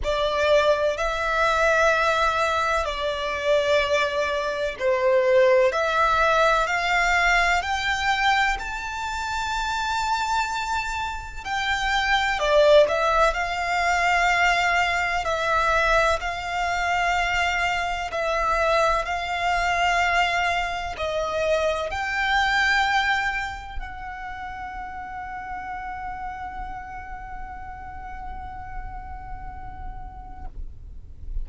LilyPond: \new Staff \with { instrumentName = "violin" } { \time 4/4 \tempo 4 = 63 d''4 e''2 d''4~ | d''4 c''4 e''4 f''4 | g''4 a''2. | g''4 d''8 e''8 f''2 |
e''4 f''2 e''4 | f''2 dis''4 g''4~ | g''4 fis''2.~ | fis''1 | }